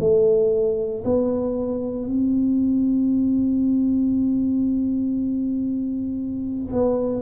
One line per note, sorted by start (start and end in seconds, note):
0.00 1.03 A3
1.04 2.07 B3
2.07 6.72 C4
6.72 7.22 B3